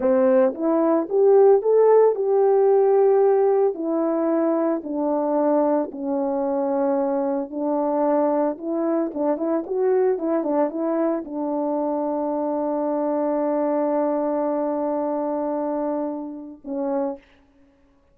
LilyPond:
\new Staff \with { instrumentName = "horn" } { \time 4/4 \tempo 4 = 112 c'4 e'4 g'4 a'4 | g'2. e'4~ | e'4 d'2 cis'4~ | cis'2 d'2 |
e'4 d'8 e'8 fis'4 e'8 d'8 | e'4 d'2.~ | d'1~ | d'2. cis'4 | }